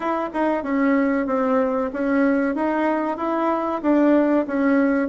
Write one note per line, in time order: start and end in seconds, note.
0.00 0.29 E4
0.33 0.63 D#4
0.63 1.26 C#4
1.26 1.90 C4
1.93 2.55 C#4
2.55 3.17 D#4
3.17 3.81 E4
3.82 4.45 D4
4.47 5.08 C#4